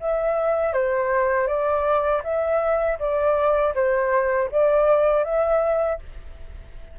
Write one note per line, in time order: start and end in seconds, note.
0.00 0.74 E5
0.74 1.47 C5
1.47 2.22 D5
2.24 2.99 E5
2.99 3.74 D5
3.75 4.50 C5
4.51 5.24 D5
5.24 5.99 E5